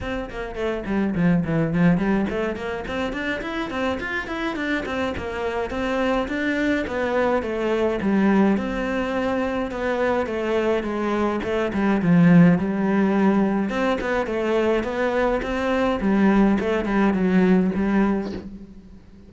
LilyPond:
\new Staff \with { instrumentName = "cello" } { \time 4/4 \tempo 4 = 105 c'8 ais8 a8 g8 f8 e8 f8 g8 | a8 ais8 c'8 d'8 e'8 c'8 f'8 e'8 | d'8 c'8 ais4 c'4 d'4 | b4 a4 g4 c'4~ |
c'4 b4 a4 gis4 | a8 g8 f4 g2 | c'8 b8 a4 b4 c'4 | g4 a8 g8 fis4 g4 | }